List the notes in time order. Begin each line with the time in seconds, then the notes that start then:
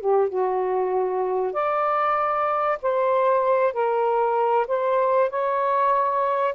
0.00 G4
0.28 F#4
1.53 D5
2.82 C5
3.72 A#4
4.67 C5
5.30 C#5